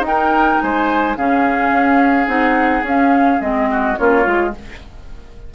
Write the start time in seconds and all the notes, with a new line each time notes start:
0.00 D#4
0.06 A#4 G5
0.61 G#3 C5 G#5
1.17 C#3 C#4 G#4 F5
1.71 C#4
2.27 C4 D#4 F#5
2.83 C#4 F5
3.41 G#3 C4 D#5
3.71 F#4
3.97 A#3 C#4 F4 C#5
4.23 G#3 F4